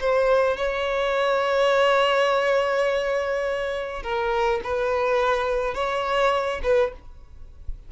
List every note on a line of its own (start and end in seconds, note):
0.00 0.57 C5
0.57 4.03 C#5
4.03 4.60 A#4
4.64 5.74 B4
5.74 6.61 C#5
6.63 6.92 B4